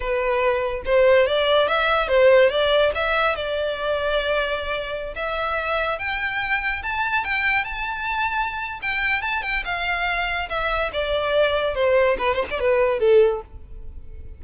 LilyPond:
\new Staff \with { instrumentName = "violin" } { \time 4/4 \tempo 4 = 143 b'2 c''4 d''4 | e''4 c''4 d''4 e''4 | d''1~ | d''16 e''2 g''4.~ g''16~ |
g''16 a''4 g''4 a''4.~ a''16~ | a''4 g''4 a''8 g''8 f''4~ | f''4 e''4 d''2 | c''4 b'8 c''16 d''16 b'4 a'4 | }